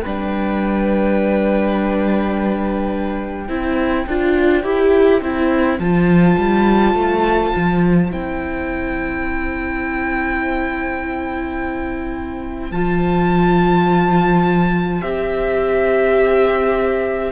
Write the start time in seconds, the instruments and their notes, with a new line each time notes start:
0.00 cello G3, viola D4, violin B4 G5
3.46 cello C4, viola E4, violin C5
4.06 cello D4, viola F4
4.63 cello E4, viola G4
5.21 cello C4, viola E4
5.79 cello F3, viola F4, violin A5
6.38 cello G3
6.94 cello A3
7.56 cello F3
8.10 cello C4, viola E4, violin G5
12.71 cello F3, viola F4, violin A5
15.01 cello C4, viola G4, violin E5